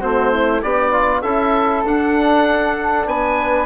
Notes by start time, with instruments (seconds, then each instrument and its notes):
0.00 bassoon A3, trombone C4, flute F#4, oboe C5
0.33 flute E4
0.62 bassoon B3, flute D4, trombone G4, oboe D5
0.92 trombone F4
1.21 bassoon C#4, trombone E4, flute A4, oboe E5
1.85 bassoon D4, trombone D4, oboe F#5
3.07 bassoon B3, flute B4, oboe G#5